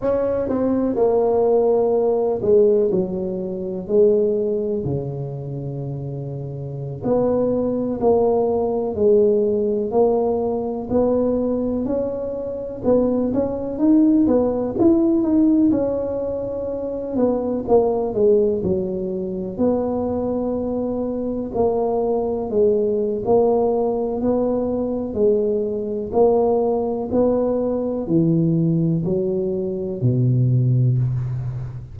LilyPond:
\new Staff \with { instrumentName = "tuba" } { \time 4/4 \tempo 4 = 62 cis'8 c'8 ais4. gis8 fis4 | gis4 cis2~ cis16 b8.~ | b16 ais4 gis4 ais4 b8.~ | b16 cis'4 b8 cis'8 dis'8 b8 e'8 dis'16~ |
dis'16 cis'4. b8 ais8 gis8 fis8.~ | fis16 b2 ais4 gis8. | ais4 b4 gis4 ais4 | b4 e4 fis4 b,4 | }